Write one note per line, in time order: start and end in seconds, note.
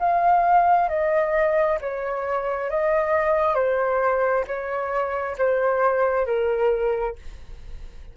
0.00 0.89 F5
0.89 1.79 D#5
1.81 2.71 C#5
2.71 3.55 D#5
3.55 4.45 C5
4.47 5.37 C#5
5.38 6.26 C5
6.26 7.16 A#4